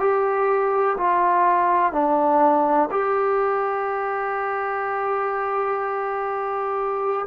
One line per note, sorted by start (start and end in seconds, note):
0.00 0.97 G4
0.98 1.93 F4
1.93 2.90 D4
2.91 7.27 G4